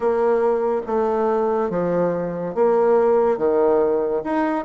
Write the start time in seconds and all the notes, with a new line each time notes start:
0.00 A#3
0.86 A3
1.70 F3
2.54 A#3
3.37 D#3
4.23 D#4